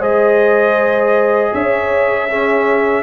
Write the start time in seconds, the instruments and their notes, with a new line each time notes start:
0.00 tuba G#3, trombone G#4, horn C5, trumpet D#5
1.53 tuba C#4, horn C#5, trumpet E5
2.29 trombone C#4, horn G#4